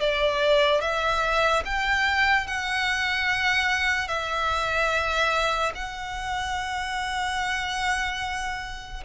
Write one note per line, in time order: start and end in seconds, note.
0.00 0.81 D5
0.81 1.64 E5
1.65 2.47 G5
2.47 4.08 F#5
4.08 5.72 E5
5.75 9.04 F#5